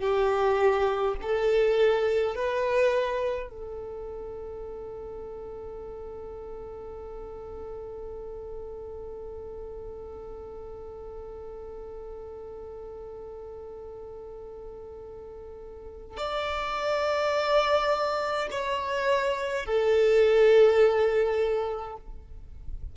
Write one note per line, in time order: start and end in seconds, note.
0.00 1.15 G4
1.22 2.35 A4
2.35 3.50 B4
3.50 16.17 A4
16.17 18.48 D5
18.51 19.66 C#5
19.66 21.97 A4